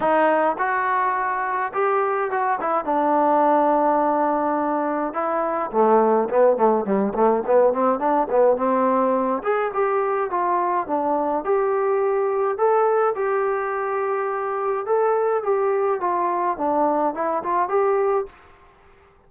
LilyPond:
\new Staff \with { instrumentName = "trombone" } { \time 4/4 \tempo 4 = 105 dis'4 fis'2 g'4 | fis'8 e'8 d'2.~ | d'4 e'4 a4 b8 a8 | g8 a8 b8 c'8 d'8 b8 c'4~ |
c'8 gis'8 g'4 f'4 d'4 | g'2 a'4 g'4~ | g'2 a'4 g'4 | f'4 d'4 e'8 f'8 g'4 | }